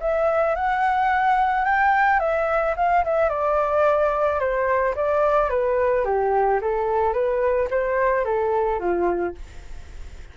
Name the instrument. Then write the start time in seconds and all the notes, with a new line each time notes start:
flute
0.00 E5
0.55 F#5
1.64 G5
2.19 E5
2.76 F5
3.04 E5
3.29 D5
4.39 C5
4.95 D5
5.49 B4
6.05 G4
6.61 A4
7.13 B4
7.70 C5
8.24 A4
8.79 F4